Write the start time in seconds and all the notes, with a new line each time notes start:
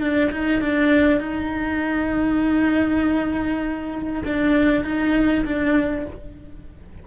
0.00 D4
0.31 D#4
0.61 D4
1.20 D#4
4.25 D4
4.84 D#4
5.45 D4